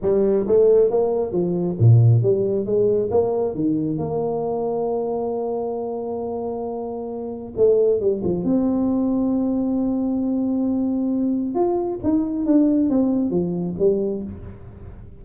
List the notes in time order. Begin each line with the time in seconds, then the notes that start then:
0.02 G3
0.47 A3
0.90 A#3
1.32 F3
1.79 A#2
2.22 G3
2.65 G#3
3.10 A#3
3.54 D#3
3.98 A#3
7.56 A3
8.00 G3
8.24 F3
8.44 C4
11.54 F4
12.03 D#4
12.45 D4
12.89 C4
13.30 F3
13.79 G3